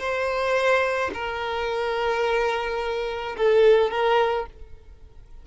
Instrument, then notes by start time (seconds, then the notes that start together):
violin
0.00 C5
1.14 A#4
3.37 A4
3.91 A#4